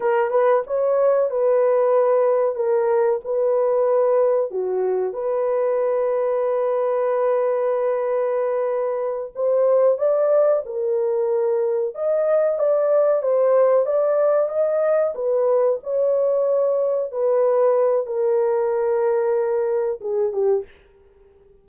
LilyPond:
\new Staff \with { instrumentName = "horn" } { \time 4/4 \tempo 4 = 93 ais'8 b'8 cis''4 b'2 | ais'4 b'2 fis'4 | b'1~ | b'2~ b'8 c''4 d''8~ |
d''8 ais'2 dis''4 d''8~ | d''8 c''4 d''4 dis''4 b'8~ | b'8 cis''2 b'4. | ais'2. gis'8 g'8 | }